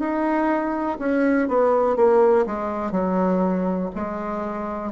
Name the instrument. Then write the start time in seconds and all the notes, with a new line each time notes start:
bassoon
0.00 D#4
0.99 C#4
1.48 B3
1.97 A#3
2.46 G#3
2.92 F#3
3.95 G#3